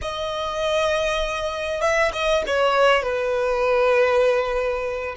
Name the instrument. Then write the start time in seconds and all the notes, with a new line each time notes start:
violin
0.01 D#5
1.81 E5
2.12 D#5
2.46 C#5
3.02 B4